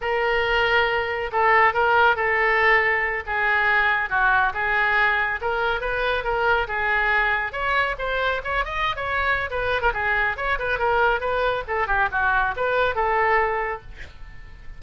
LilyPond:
\new Staff \with { instrumentName = "oboe" } { \time 4/4 \tempo 4 = 139 ais'2. a'4 | ais'4 a'2~ a'8 gis'8~ | gis'4. fis'4 gis'4.~ | gis'8 ais'4 b'4 ais'4 gis'8~ |
gis'4. cis''4 c''4 cis''8 | dis''8. cis''4~ cis''16 b'8. ais'16 gis'4 | cis''8 b'8 ais'4 b'4 a'8 g'8 | fis'4 b'4 a'2 | }